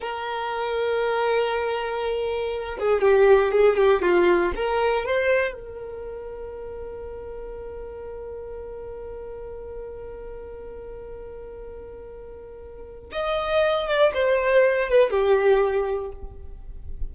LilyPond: \new Staff \with { instrumentName = "violin" } { \time 4/4 \tempo 4 = 119 ais'1~ | ais'4. gis'8 g'4 gis'8 g'8 | f'4 ais'4 c''4 ais'4~ | ais'1~ |
ais'1~ | ais'1~ | ais'2 dis''4. d''8 | c''4. b'8 g'2 | }